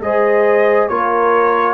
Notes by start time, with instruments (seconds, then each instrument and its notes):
0.00 tuba G#3, trombone G#4, horn C5, trumpet D#5
0.88 tuba A#3, trombone F4, horn A#4, trumpet C#5